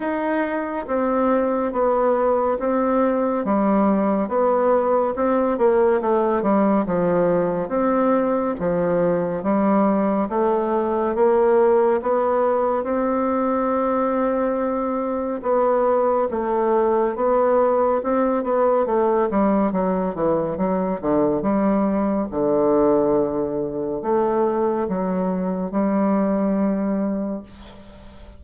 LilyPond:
\new Staff \with { instrumentName = "bassoon" } { \time 4/4 \tempo 4 = 70 dis'4 c'4 b4 c'4 | g4 b4 c'8 ais8 a8 g8 | f4 c'4 f4 g4 | a4 ais4 b4 c'4~ |
c'2 b4 a4 | b4 c'8 b8 a8 g8 fis8 e8 | fis8 d8 g4 d2 | a4 fis4 g2 | }